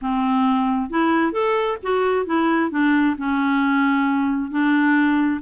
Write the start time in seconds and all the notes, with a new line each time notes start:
0.01 C4
0.89 E4
1.32 A4
1.83 F#4
2.26 E4
2.71 D4
3.17 C#4
4.50 D4